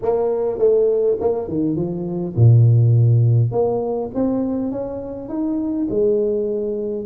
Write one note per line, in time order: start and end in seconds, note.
0.02 0.58 A#3
0.58 1.17 A3
1.20 1.48 A#3
1.48 1.75 D#3
1.75 2.34 F3
2.36 3.51 A#2
3.51 4.10 A#3
4.14 4.71 C4
4.71 5.29 C#4
5.29 5.87 D#4
5.90 7.05 G#3